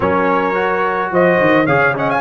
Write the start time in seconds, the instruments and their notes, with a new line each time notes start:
0.00 tuba F#3, trombone C#4, horn A#4, trumpet C#5
0.54 trombone F#4
1.11 tuba F3, horn C5, trumpet D#5
1.40 tuba D#3
1.65 tuba C#3, trombone G#4, horn C#5, trumpet F5
1.95 trombone C#4, horn D#5, trumpet F#5
2.09 horn F5, trumpet G#5